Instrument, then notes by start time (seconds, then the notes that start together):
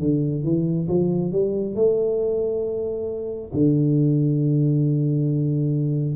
tuba
0.00 D3
0.44 E3
0.88 F3
1.32 G3
1.76 A3
3.53 D3